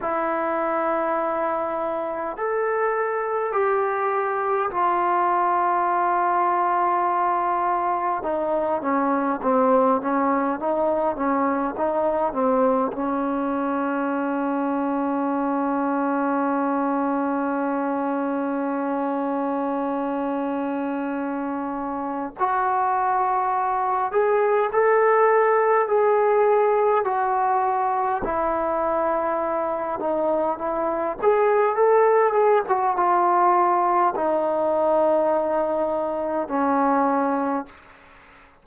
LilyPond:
\new Staff \with { instrumentName = "trombone" } { \time 4/4 \tempo 4 = 51 e'2 a'4 g'4 | f'2. dis'8 cis'8 | c'8 cis'8 dis'8 cis'8 dis'8 c'8 cis'4~ | cis'1~ |
cis'2. fis'4~ | fis'8 gis'8 a'4 gis'4 fis'4 | e'4. dis'8 e'8 gis'8 a'8 gis'16 fis'16 | f'4 dis'2 cis'4 | }